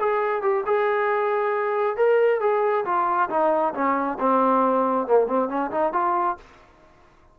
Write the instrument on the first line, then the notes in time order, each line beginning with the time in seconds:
trombone
0.00 G#4
0.43 G4
0.67 G#4
1.98 A#4
2.41 G#4
2.86 F4
3.30 D#4
3.74 C#4
4.20 C4
5.08 A#3
5.28 C4
5.49 C#4
5.72 D#4
5.94 F4